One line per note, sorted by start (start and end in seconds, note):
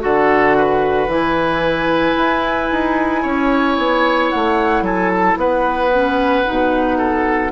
0.00 1.08 D3
0.00 1.07 F#4
0.00 0.57 A4
0.00 1.10 F#5
0.57 3.22 B4
1.08 2.15 E3
1.08 5.91 E4
1.08 4.30 G#5
2.17 2.70 E4
2.72 3.25 D#4
3.22 3.78 C#4
3.22 4.83 C#5
3.78 4.31 B3
4.30 4.81 A3
4.30 4.84 F#5
4.81 5.35 F#3
4.81 5.38 A4
4.81 5.09 G#5
5.09 5.36 A5
5.37 6.44 B3
5.37 6.98 B4
5.37 7.52 F#5
5.93 6.45 C#4
6.45 7.52 B2
6.45 7.52 D#4
6.98 7.52 A4